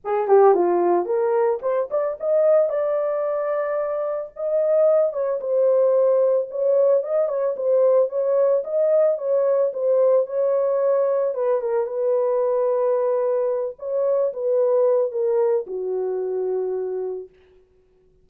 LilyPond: \new Staff \with { instrumentName = "horn" } { \time 4/4 \tempo 4 = 111 gis'8 g'8 f'4 ais'4 c''8 d''8 | dis''4 d''2. | dis''4. cis''8 c''2 | cis''4 dis''8 cis''8 c''4 cis''4 |
dis''4 cis''4 c''4 cis''4~ | cis''4 b'8 ais'8 b'2~ | b'4. cis''4 b'4. | ais'4 fis'2. | }